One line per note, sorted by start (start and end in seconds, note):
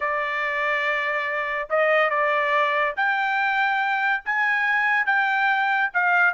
0.00 1.68 D5
1.69 2.10 D#5
2.10 2.94 D5
2.96 4.23 G5
4.25 5.06 G#5
5.06 5.90 G5
5.93 6.33 F5